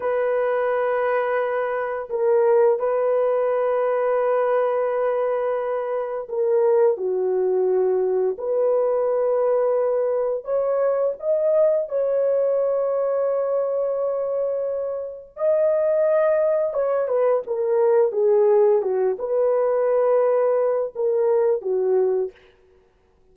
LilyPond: \new Staff \with { instrumentName = "horn" } { \time 4/4 \tempo 4 = 86 b'2. ais'4 | b'1~ | b'4 ais'4 fis'2 | b'2. cis''4 |
dis''4 cis''2.~ | cis''2 dis''2 | cis''8 b'8 ais'4 gis'4 fis'8 b'8~ | b'2 ais'4 fis'4 | }